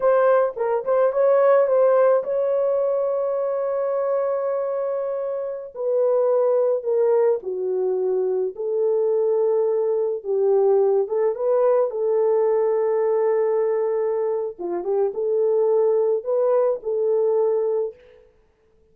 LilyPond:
\new Staff \with { instrumentName = "horn" } { \time 4/4 \tempo 4 = 107 c''4 ais'8 c''8 cis''4 c''4 | cis''1~ | cis''2~ cis''16 b'4.~ b'16~ | b'16 ais'4 fis'2 a'8.~ |
a'2~ a'16 g'4. a'16~ | a'16 b'4 a'2~ a'8.~ | a'2 f'8 g'8 a'4~ | a'4 b'4 a'2 | }